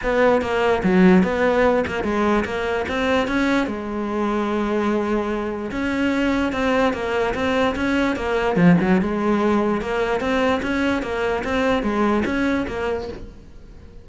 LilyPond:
\new Staff \with { instrumentName = "cello" } { \time 4/4 \tempo 4 = 147 b4 ais4 fis4 b4~ | b8 ais8 gis4 ais4 c'4 | cis'4 gis2.~ | gis2 cis'2 |
c'4 ais4 c'4 cis'4 | ais4 f8 fis8 gis2 | ais4 c'4 cis'4 ais4 | c'4 gis4 cis'4 ais4 | }